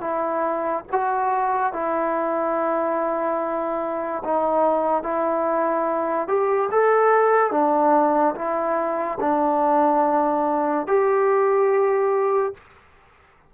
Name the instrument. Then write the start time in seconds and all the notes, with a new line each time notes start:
trombone
0.00 E4
0.91 F#4
1.73 E4
4.24 D#4
5.03 E4
6.27 G4
6.71 A4
7.51 D4
8.35 E4
9.20 D4
10.87 G4